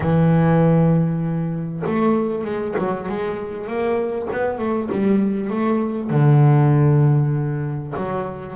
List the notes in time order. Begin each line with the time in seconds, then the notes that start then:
0.00 E3
1.86 A3
2.44 G#3
2.78 F#3
3.09 G#3
3.67 A#3
4.32 B3
4.58 A3
4.91 G3
5.50 A3
6.10 D3
7.96 F#3